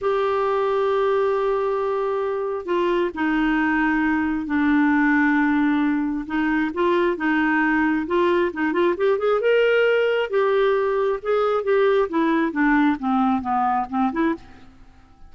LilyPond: \new Staff \with { instrumentName = "clarinet" } { \time 4/4 \tempo 4 = 134 g'1~ | g'2 f'4 dis'4~ | dis'2 d'2~ | d'2 dis'4 f'4 |
dis'2 f'4 dis'8 f'8 | g'8 gis'8 ais'2 g'4~ | g'4 gis'4 g'4 e'4 | d'4 c'4 b4 c'8 e'8 | }